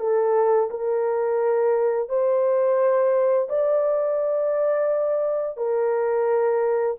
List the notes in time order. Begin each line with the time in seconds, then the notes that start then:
0.00 A4
0.70 A#4
2.09 C5
3.49 D5
5.58 A#4